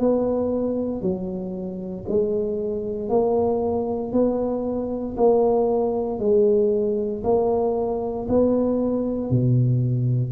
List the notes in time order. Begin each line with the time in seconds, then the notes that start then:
0.00 B3
1.02 F#3
2.09 G#3
3.10 A#3
4.13 B3
5.17 A#3
6.20 G#3
7.24 A#3
8.29 B3
9.31 B2